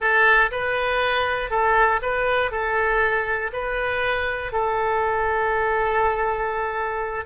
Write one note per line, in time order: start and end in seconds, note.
0.00 0.50 A4
0.51 1.50 B4
1.50 2.00 A4
2.02 2.51 B4
2.51 3.51 A4
3.52 4.52 B4
4.52 7.25 A4